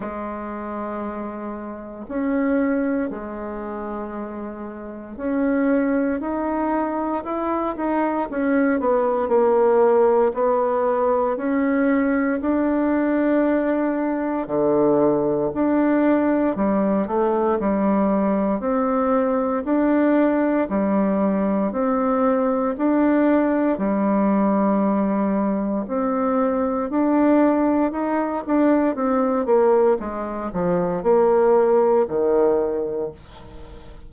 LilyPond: \new Staff \with { instrumentName = "bassoon" } { \time 4/4 \tempo 4 = 58 gis2 cis'4 gis4~ | gis4 cis'4 dis'4 e'8 dis'8 | cis'8 b8 ais4 b4 cis'4 | d'2 d4 d'4 |
g8 a8 g4 c'4 d'4 | g4 c'4 d'4 g4~ | g4 c'4 d'4 dis'8 d'8 | c'8 ais8 gis8 f8 ais4 dis4 | }